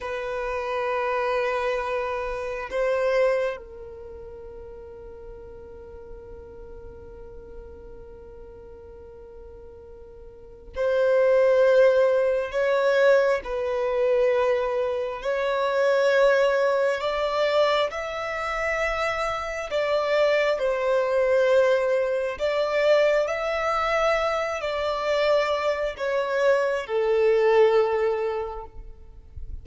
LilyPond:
\new Staff \with { instrumentName = "violin" } { \time 4/4 \tempo 4 = 67 b'2. c''4 | ais'1~ | ais'1 | c''2 cis''4 b'4~ |
b'4 cis''2 d''4 | e''2 d''4 c''4~ | c''4 d''4 e''4. d''8~ | d''4 cis''4 a'2 | }